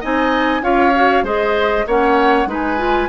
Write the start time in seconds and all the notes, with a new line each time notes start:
0.00 C4 D#4 D#5 G#5
0.61 C#4 F4 C#5 F5
0.95 F#4
1.23 G#3 G#4 C5 D#5
1.86 A#3 C#4 C#5 F#5
2.46 G#3 D#4 B4
2.53 G#5
2.77 F4